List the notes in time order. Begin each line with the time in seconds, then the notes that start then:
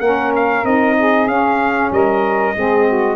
0.00 A#3 C#4 A#4 F#5
0.36 F5
0.64 C4 D#4 D#5
0.99 G#4
1.27 C#4 F5
1.91 G3 A#4 D#5
2.55 G#3 C4 G#4
2.87 F#4